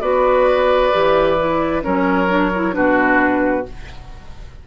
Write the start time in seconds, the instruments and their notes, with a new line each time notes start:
0.00 bassoon B3, clarinet F#4, oboe B4, flute D5
0.92 bassoon E3, clarinet G4
1.37 clarinet E4
1.81 bassoon F#3, clarinet C#4, oboe A#4, flute C#5
2.28 clarinet D4
2.54 clarinet E4
2.72 bassoon B2, clarinet D4, oboe F#4, flute B4